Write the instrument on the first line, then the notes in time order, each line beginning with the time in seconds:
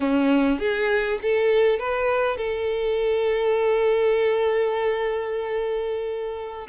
violin
0.00 C#4
0.59 G#4
1.22 A4
1.79 B4
2.37 A4